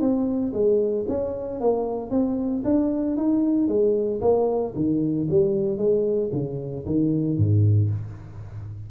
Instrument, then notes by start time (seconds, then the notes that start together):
tuba
0.00 C4
0.53 G#3
1.08 C#4
1.60 A#3
2.10 C4
2.64 D4
3.17 D#4
3.68 G#3
4.21 A#3
4.75 D#3
5.30 G3
5.77 G#3
6.32 C#3
6.86 D#3
7.37 G#2